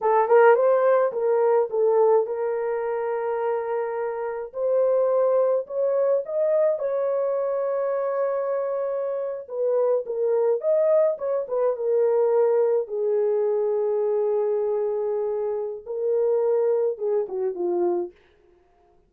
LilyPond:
\new Staff \with { instrumentName = "horn" } { \time 4/4 \tempo 4 = 106 a'8 ais'8 c''4 ais'4 a'4 | ais'1 | c''2 cis''4 dis''4 | cis''1~ |
cis''8. b'4 ais'4 dis''4 cis''16~ | cis''16 b'8 ais'2 gis'4~ gis'16~ | gis'1 | ais'2 gis'8 fis'8 f'4 | }